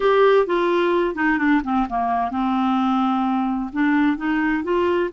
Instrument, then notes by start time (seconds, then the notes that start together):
clarinet
0.00 G4
0.46 F4
1.15 D#4
1.38 D4
1.64 C4
1.89 A#3
2.30 C4
3.72 D4
4.17 D#4
4.63 F4